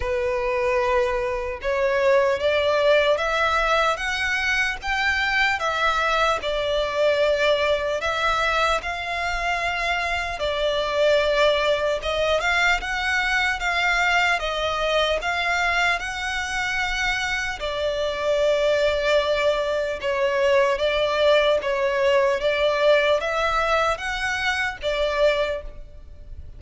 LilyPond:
\new Staff \with { instrumentName = "violin" } { \time 4/4 \tempo 4 = 75 b'2 cis''4 d''4 | e''4 fis''4 g''4 e''4 | d''2 e''4 f''4~ | f''4 d''2 dis''8 f''8 |
fis''4 f''4 dis''4 f''4 | fis''2 d''2~ | d''4 cis''4 d''4 cis''4 | d''4 e''4 fis''4 d''4 | }